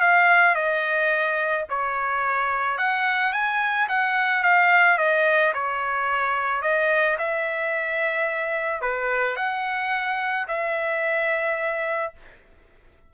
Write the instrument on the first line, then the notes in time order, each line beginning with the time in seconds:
trumpet
0.00 F5
0.55 D#5
1.69 C#5
2.78 F#5
3.33 G#5
3.89 F#5
4.43 F5
4.98 D#5
5.54 C#5
6.62 D#5
7.18 E5
8.81 B4
9.36 F#5
10.48 E5